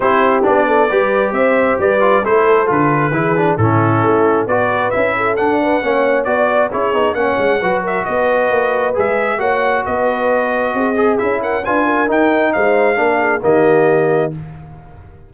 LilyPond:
<<
  \new Staff \with { instrumentName = "trumpet" } { \time 4/4 \tempo 4 = 134 c''4 d''2 e''4 | d''4 c''4 b'2 | a'2 d''4 e''4 | fis''2 d''4 cis''4 |
fis''4. e''8 dis''2 | e''4 fis''4 dis''2~ | dis''4 e''8 fis''8 gis''4 g''4 | f''2 dis''2 | }
  \new Staff \with { instrumentName = "horn" } { \time 4/4 g'4. a'8 b'4 c''4 | b'4 a'2 gis'4 | e'2 b'4. a'8~ | a'8 b'8 cis''4 d''4 gis'4 |
cis''4 b'8 ais'8 b'2~ | b'4 cis''4 b'2 | gis'4. ais'8 b'8 ais'4. | c''4 ais'8 gis'8 g'2 | }
  \new Staff \with { instrumentName = "trombone" } { \time 4/4 e'4 d'4 g'2~ | g'8 f'8 e'4 f'4 e'8 d'8 | cis'2 fis'4 e'4 | d'4 cis'4 fis'4 e'8 dis'8 |
cis'4 fis'2. | gis'4 fis'2.~ | fis'8 gis'8 e'4 f'4 dis'4~ | dis'4 d'4 ais2 | }
  \new Staff \with { instrumentName = "tuba" } { \time 4/4 c'4 b4 g4 c'4 | g4 a4 d4 e4 | a,4 a4 b4 cis'4 | d'4 ais4 b4 cis'8 b8 |
ais8 gis8 fis4 b4 ais4 | gis4 ais4 b2 | c'4 cis'4 d'4 dis'4 | gis4 ais4 dis2 | }
>>